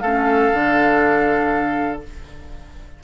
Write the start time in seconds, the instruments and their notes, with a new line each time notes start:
0.00 bassoon A3, clarinet C#4, oboe A4, flute F5
0.54 bassoon D3, clarinet D4